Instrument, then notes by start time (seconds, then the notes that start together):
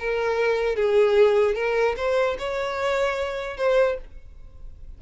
violin
0.00 A#4
0.76 G#4
1.55 A#4
1.97 C5
2.39 C#5
3.58 C5